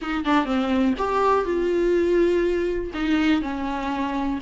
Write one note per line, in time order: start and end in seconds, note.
0.01 0.24 D#4
0.24 0.45 D4
0.45 0.94 C4
0.98 1.44 G4
1.44 2.91 F4
2.94 3.41 D#4
3.41 4.39 C#4